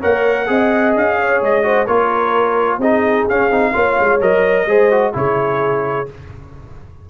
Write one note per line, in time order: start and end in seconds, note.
0.00 0.49 A#3
0.00 0.47 A#4
0.00 0.47 C#5
0.00 0.96 F#5
0.47 0.96 C4
0.47 1.63 G#4
0.47 1.20 D#5
0.96 1.42 C#4
0.96 1.44 F5
1.20 1.66 C#5
1.42 1.88 G#3
1.42 1.87 D#5
1.63 1.87 F#4
1.63 1.87 C5
1.87 2.79 A#3
1.87 2.81 F4
1.87 2.80 A#4
1.87 2.80 C#5
2.79 3.25 C4
2.79 3.30 D#4
2.79 3.73 G#4
2.79 3.28 D#5
3.29 3.50 C#4
3.29 3.51 C#4
3.29 4.22 F5
3.50 3.74 C4
3.50 3.73 D#4
3.73 3.99 A#3
3.73 4.20 F4
3.73 4.67 C#5
4.00 4.21 G#3
4.21 4.66 F#3
4.21 4.68 A#4
4.21 5.15 D#5
4.66 5.13 G#3
4.66 4.92 G#4
4.66 5.15 C5
4.92 5.13 F#4
5.13 6.09 C#3
5.13 6.06 E4
5.13 6.10 G#4
5.13 6.10 C#5